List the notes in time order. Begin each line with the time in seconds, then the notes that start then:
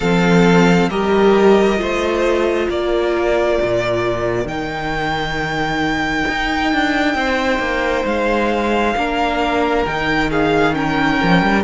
0.00 F3 C4 A4 F5
0.88 G3 G4 A#4 D#5
1.77 A3 F4 C5
2.68 A#3 A#4 D5
3.61 A#2
4.45 D#3 D#4 G5
6.28 D#4
6.73 D4
7.15 C4 C5
7.59 A#3
8.05 G#3 F5
8.96 A#3 D4 A#4
9.85 D#3 D#4 G5
10.30 G#4 F5
10.73 C#4 A#4 G5
11.22 F3
11.42 G3